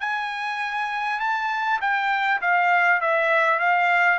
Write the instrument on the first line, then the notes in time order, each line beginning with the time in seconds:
trumpet
0.00 G#5
1.19 A5
1.81 G5
2.41 F5
3.01 E5
3.59 F5